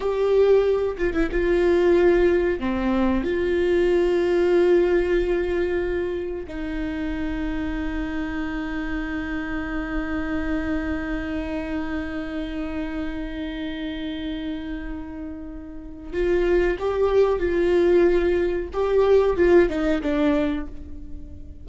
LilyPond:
\new Staff \with { instrumentName = "viola" } { \time 4/4 \tempo 4 = 93 g'4. f'16 e'16 f'2 | c'4 f'2.~ | f'2 dis'2~ | dis'1~ |
dis'1~ | dis'1~ | dis'4 f'4 g'4 f'4~ | f'4 g'4 f'8 dis'8 d'4 | }